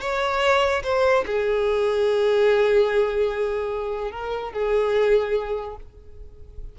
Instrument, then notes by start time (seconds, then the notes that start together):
violin
0.00 C#5
0.83 C5
1.26 G#4
4.11 A#4
4.52 G#4